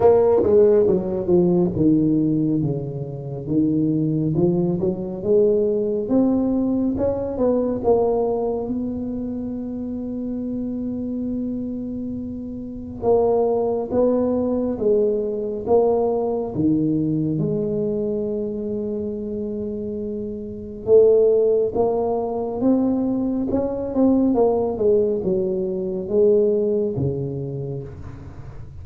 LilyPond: \new Staff \with { instrumentName = "tuba" } { \time 4/4 \tempo 4 = 69 ais8 gis8 fis8 f8 dis4 cis4 | dis4 f8 fis8 gis4 c'4 | cis'8 b8 ais4 b2~ | b2. ais4 |
b4 gis4 ais4 dis4 | gis1 | a4 ais4 c'4 cis'8 c'8 | ais8 gis8 fis4 gis4 cis4 | }